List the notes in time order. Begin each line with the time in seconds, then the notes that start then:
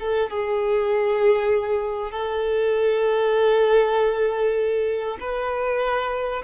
0.00 A4
0.30 G#4
2.12 A4
5.20 B4